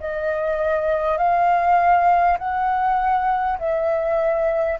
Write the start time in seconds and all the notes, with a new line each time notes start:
0.00 D#5
1.18 F5
2.38 F#5
3.58 E5